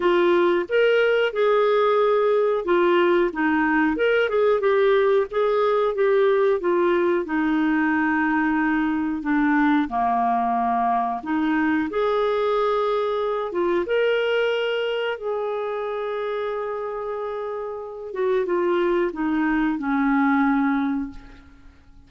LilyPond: \new Staff \with { instrumentName = "clarinet" } { \time 4/4 \tempo 4 = 91 f'4 ais'4 gis'2 | f'4 dis'4 ais'8 gis'8 g'4 | gis'4 g'4 f'4 dis'4~ | dis'2 d'4 ais4~ |
ais4 dis'4 gis'2~ | gis'8 f'8 ais'2 gis'4~ | gis'2.~ gis'8 fis'8 | f'4 dis'4 cis'2 | }